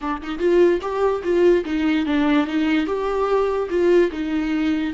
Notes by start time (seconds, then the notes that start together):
0.01 D4
0.22 D#4
0.38 F4
0.81 G4
1.23 F4
1.65 D#4
2.06 D4
2.46 D#4
2.86 G4
3.69 F4
4.11 D#4